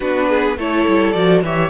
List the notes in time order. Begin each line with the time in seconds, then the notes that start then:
0.00 B3 D4 F#4 B4
0.28 G#4
0.57 A3 E4 A4 C#5
0.87 G3
1.11 F3 F#4 D5
1.41 E3 G4 C#5 E5